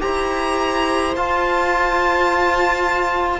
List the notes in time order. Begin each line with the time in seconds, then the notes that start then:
0.00 E4 G4 C5 A#5
1.16 F4 A5